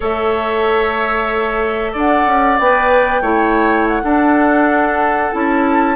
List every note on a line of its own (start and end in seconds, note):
0.00 1.94 A3
0.00 2.58 A4
0.00 1.92 C#5
0.00 1.95 E5
1.92 2.26 D4
1.92 3.21 D5
1.92 2.58 F#5
2.26 2.58 C#4
2.58 3.21 B3
2.58 3.23 B4
2.58 3.87 G5
3.21 4.02 A3
3.21 4.03 E4
3.21 4.02 C#5
3.87 5.32 F#5
4.02 5.31 D4
4.02 5.95 A4
5.31 5.95 C#4
5.31 5.95 E4
5.31 5.95 A5